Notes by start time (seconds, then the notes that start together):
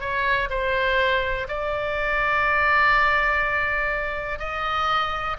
0.00 C#5
0.50 C5
1.48 D5
4.39 D#5